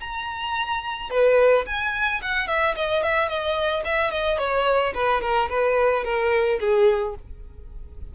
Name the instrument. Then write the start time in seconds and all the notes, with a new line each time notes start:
violin
0.00 A#5
1.10 B4
1.66 G#5
2.22 F#5
2.47 E5
2.75 D#5
3.03 E5
3.28 D#5
3.84 E5
4.11 D#5
4.38 C#5
4.94 B4
5.21 A#4
5.49 B4
6.04 A#4
6.60 G#4